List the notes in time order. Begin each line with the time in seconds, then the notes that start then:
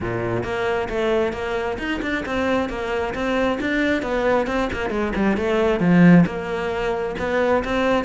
0.01 A#2
0.43 A#3
0.89 A3
1.32 A#3
1.78 D#4
2.02 D4
2.25 C4
2.69 A#3
3.14 C4
3.60 D4
4.02 B3
4.46 C4
4.73 A#3
4.90 G#3
5.15 G3
5.36 A3
5.80 F3
6.25 A#3
7.19 B3
7.64 C4